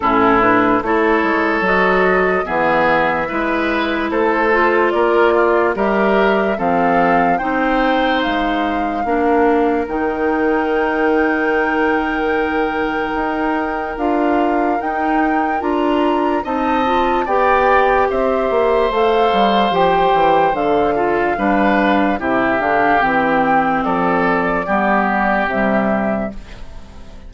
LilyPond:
<<
  \new Staff \with { instrumentName = "flute" } { \time 4/4 \tempo 4 = 73 a'8 b'8 cis''4 dis''4 e''4~ | e''4 c''4 d''4 e''4 | f''4 g''4 f''2 | g''1~ |
g''4 f''4 g''4 ais''4 | a''4 g''4 e''4 f''4 | g''4 f''2 e''8 f''8 | g''4 d''2 e''4 | }
  \new Staff \with { instrumentName = "oboe" } { \time 4/4 e'4 a'2 gis'4 | b'4 a'4 ais'8 f'8 ais'4 | a'4 c''2 ais'4~ | ais'1~ |
ais'1 | dis''4 d''4 c''2~ | c''4. a'8 b'4 g'4~ | g'4 a'4 g'2 | }
  \new Staff \with { instrumentName = "clarinet" } { \time 4/4 cis'8 d'8 e'4 fis'4 b4 | e'4. f'4. g'4 | c'4 dis'2 d'4 | dis'1~ |
dis'4 f'4 dis'4 f'4 | dis'8 f'8 g'2 a'4 | g'4 a'8 f'8 d'4 e'8 d'8 | c'2 b4 g4 | }
  \new Staff \with { instrumentName = "bassoon" } { \time 4/4 a,4 a8 gis8 fis4 e4 | gis4 a4 ais4 g4 | f4 c'4 gis4 ais4 | dis1 |
dis'4 d'4 dis'4 d'4 | c'4 b4 c'8 ais8 a8 g8 | f8 e8 d4 g4 c8 d8 | e4 f4 g4 c4 | }
>>